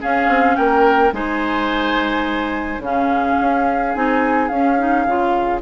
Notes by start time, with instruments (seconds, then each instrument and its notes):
0.00 clarinet C#4, bassoon C#4, oboe G#4, flute F5
0.28 bassoon C4
0.56 bassoon A#3, oboe A#4, flute G5
1.12 bassoon G#3, clarinet D#4, oboe C5, flute G#5
2.79 bassoon C#3, clarinet C#4, oboe G#4, flute F5
3.41 bassoon C#4
3.94 bassoon C4, clarinet D#4, flute G#5
4.48 bassoon C#4, clarinet C#4, flute F5
4.79 clarinet D#4
5.07 bassoon C#3, clarinet F4